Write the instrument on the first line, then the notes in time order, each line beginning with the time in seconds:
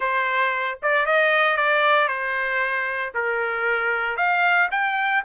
trumpet
0.00 C5
0.82 D5
1.06 D#5
1.57 D5
2.08 C5
3.14 A#4
4.16 F5
4.71 G5